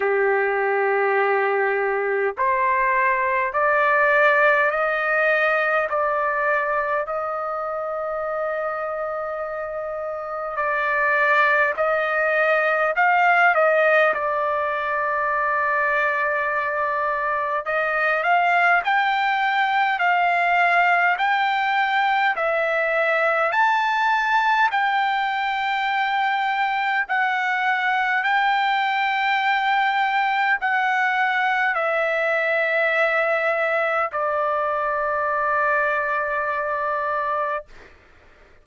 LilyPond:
\new Staff \with { instrumentName = "trumpet" } { \time 4/4 \tempo 4 = 51 g'2 c''4 d''4 | dis''4 d''4 dis''2~ | dis''4 d''4 dis''4 f''8 dis''8 | d''2. dis''8 f''8 |
g''4 f''4 g''4 e''4 | a''4 g''2 fis''4 | g''2 fis''4 e''4~ | e''4 d''2. | }